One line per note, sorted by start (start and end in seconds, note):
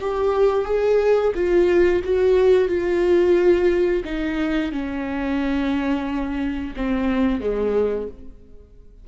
0.00 0.65 G4
0.65 1.32 G#4
1.35 2.02 F4
2.04 2.68 F#4
2.68 4.03 F4
4.04 4.72 D#4
4.72 6.74 C#4
6.76 7.40 C4
7.40 8.08 G#3